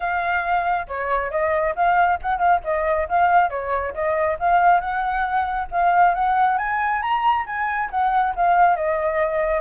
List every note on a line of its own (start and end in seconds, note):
0.00 0.87 F5
0.87 1.30 C#5
1.30 1.74 D#5
1.75 2.19 F5
2.21 2.38 F#5
2.38 2.60 F5
2.64 3.08 D#5
3.09 3.50 F5
3.50 3.93 C#5
3.94 4.37 D#5
4.39 4.80 F5
4.80 5.68 F#5
5.71 6.14 F5
6.14 6.58 F#5
6.58 7.02 G#5
7.02 7.45 A#5
7.46 7.90 G#5
7.90 8.34 F#5
8.35 8.76 F5
8.76 9.61 D#5